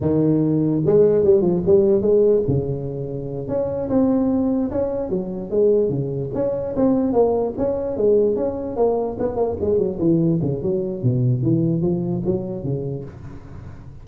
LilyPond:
\new Staff \with { instrumentName = "tuba" } { \time 4/4 \tempo 4 = 147 dis2 gis4 g8 f8 | g4 gis4 cis2~ | cis8 cis'4 c'2 cis'8~ | cis'8 fis4 gis4 cis4 cis'8~ |
cis'8 c'4 ais4 cis'4 gis8~ | gis8 cis'4 ais4 b8 ais8 gis8 | fis8 e4 cis8 fis4 b,4 | e4 f4 fis4 cis4 | }